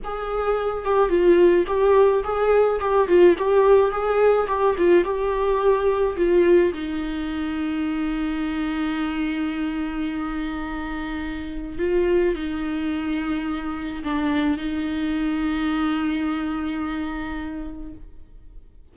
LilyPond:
\new Staff \with { instrumentName = "viola" } { \time 4/4 \tempo 4 = 107 gis'4. g'8 f'4 g'4 | gis'4 g'8 f'8 g'4 gis'4 | g'8 f'8 g'2 f'4 | dis'1~ |
dis'1~ | dis'4 f'4 dis'2~ | dis'4 d'4 dis'2~ | dis'1 | }